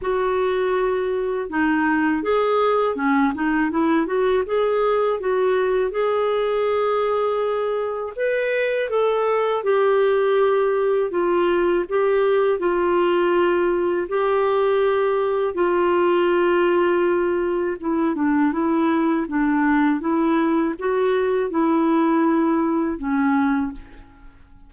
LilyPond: \new Staff \with { instrumentName = "clarinet" } { \time 4/4 \tempo 4 = 81 fis'2 dis'4 gis'4 | cis'8 dis'8 e'8 fis'8 gis'4 fis'4 | gis'2. b'4 | a'4 g'2 f'4 |
g'4 f'2 g'4~ | g'4 f'2. | e'8 d'8 e'4 d'4 e'4 | fis'4 e'2 cis'4 | }